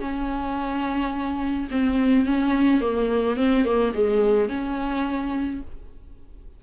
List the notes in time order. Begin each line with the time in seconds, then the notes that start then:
0.00 C#4
1.71 C4
2.26 C#4
2.81 A#3
3.36 C4
3.64 A#3
3.94 G#3
4.49 C#4